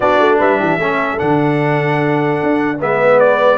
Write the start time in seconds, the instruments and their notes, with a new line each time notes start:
0.00 tuba B3, trombone D4, horn F#4, trumpet D5
0.19 tuba A3
0.38 tuba G3, horn B4, trumpet E5
0.58 tuba E3, horn G4
0.78 tuba A3, trombone C#4, horn A4
1.17 tuba D3, trombone D4, trumpet F#5
2.42 tuba D4
2.80 tuba G#3, trombone B3, horn B4, trumpet E5
3.19 trumpet D5